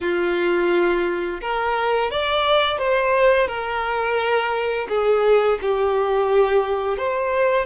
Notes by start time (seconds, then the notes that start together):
0.00 F4
1.41 A#4
2.11 D5
2.78 C5
3.47 A#4
4.88 G#4
5.61 G4
6.97 C5